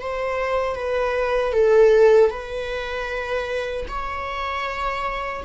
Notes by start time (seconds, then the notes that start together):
0.00 C5
0.75 B4
1.52 A4
2.30 B4
3.87 C#5